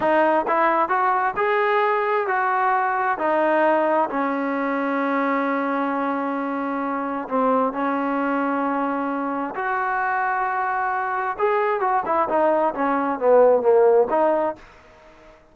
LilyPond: \new Staff \with { instrumentName = "trombone" } { \time 4/4 \tempo 4 = 132 dis'4 e'4 fis'4 gis'4~ | gis'4 fis'2 dis'4~ | dis'4 cis'2.~ | cis'1 |
c'4 cis'2.~ | cis'4 fis'2.~ | fis'4 gis'4 fis'8 e'8 dis'4 | cis'4 b4 ais4 dis'4 | }